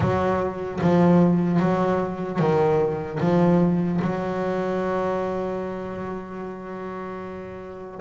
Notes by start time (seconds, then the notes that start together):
0.00 F#3
0.81 F3
1.59 F#3
2.39 D#3
3.20 F3
4.01 F#3